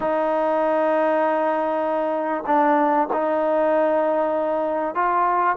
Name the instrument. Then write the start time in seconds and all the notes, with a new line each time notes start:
trombone
0.00 D#4
2.46 D4
3.12 D#4
4.94 F4